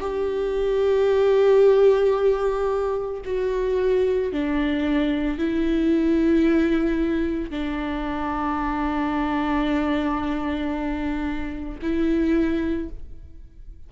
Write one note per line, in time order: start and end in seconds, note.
0.00 3.21 G4
3.25 4.32 F#4
4.32 5.38 D4
5.38 7.50 E4
7.50 11.79 D4
11.82 12.89 E4